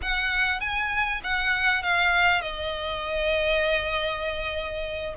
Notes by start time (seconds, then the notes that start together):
0.02 F#5
0.60 G#5
1.23 F#5
1.82 F5
2.41 D#5